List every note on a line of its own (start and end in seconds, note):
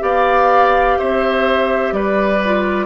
0.00 0.97 B3
0.00 2.38 G4
0.00 0.98 D5
0.00 0.98 F5
0.98 1.92 C4
0.98 1.94 C5
0.98 1.93 E5
1.92 2.87 G3
1.92 2.87 B4
1.92 2.87 D5
2.45 2.87 F4